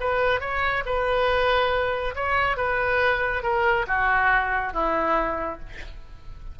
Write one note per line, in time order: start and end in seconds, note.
0.00 0.41 B4
0.41 0.84 C#5
0.86 2.15 B4
2.15 2.57 C#5
2.57 3.43 B4
3.43 3.86 A#4
3.87 4.73 F#4
4.73 5.60 E4